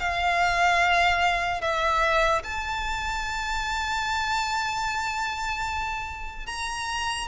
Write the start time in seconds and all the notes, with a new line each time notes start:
0.00 F5
1.62 E5
2.44 A5
6.47 A#5